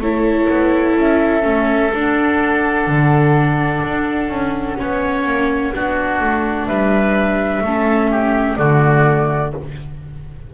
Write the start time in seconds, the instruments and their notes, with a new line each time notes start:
0.00 double bass A3, viola E4, oboe A4, flute C#5
0.49 double bass B3
0.95 double bass C#4, flute E5
1.42 double bass A3, viola C#4
1.92 double bass D4, viola D4, flute F#5
2.87 double bass D3
3.83 double bass D4
4.28 double bass C#4
4.77 double bass B3, viola C#4, oboe C#5
5.25 double bass A#3
5.74 double bass B3, viola D4, oboe F#4
6.20 double bass A3
6.66 double bass G3, oboe B4, flute E5
7.61 double bass A3, viola C#4, oboe A4
8.11 oboe G4
8.56 double bass D3, viola A3, oboe F#4, flute D5